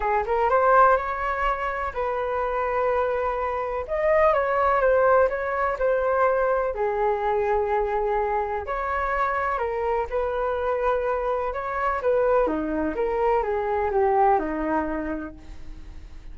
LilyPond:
\new Staff \with { instrumentName = "flute" } { \time 4/4 \tempo 4 = 125 gis'8 ais'8 c''4 cis''2 | b'1 | dis''4 cis''4 c''4 cis''4 | c''2 gis'2~ |
gis'2 cis''2 | ais'4 b'2. | cis''4 b'4 dis'4 ais'4 | gis'4 g'4 dis'2 | }